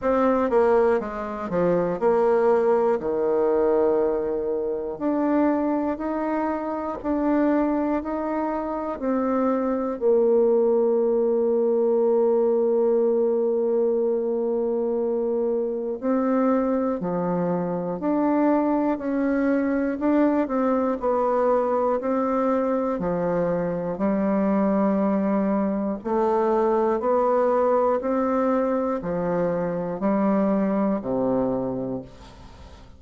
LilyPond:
\new Staff \with { instrumentName = "bassoon" } { \time 4/4 \tempo 4 = 60 c'8 ais8 gis8 f8 ais4 dis4~ | dis4 d'4 dis'4 d'4 | dis'4 c'4 ais2~ | ais1 |
c'4 f4 d'4 cis'4 | d'8 c'8 b4 c'4 f4 | g2 a4 b4 | c'4 f4 g4 c4 | }